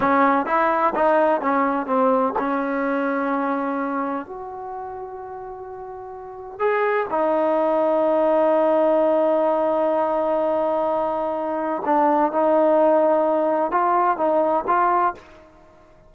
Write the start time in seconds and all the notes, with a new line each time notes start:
0.00 C#4
0.46 E4
0.95 D#4
1.41 C#4
1.86 C4
2.39 C#4
4.26 F#4
6.59 G#4
7.10 D#4
11.85 D4
12.32 D#4
13.71 F4
14.17 D#4
14.67 F4